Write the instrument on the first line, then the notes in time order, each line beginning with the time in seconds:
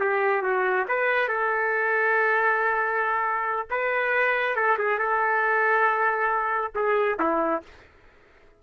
trumpet
0.00 G4
0.43 F#4
0.89 B4
1.28 A4
3.71 B4
4.56 A4
4.79 G#4
4.99 A4
6.75 G#4
7.20 E4